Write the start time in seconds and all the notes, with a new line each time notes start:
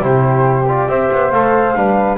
0.00 C3 E4 C5
0.06 G4
0.68 F4 D5
0.88 C4 G4 C5 E5
1.12 B3
1.31 A3 A4 F5
1.75 G3 D4 B4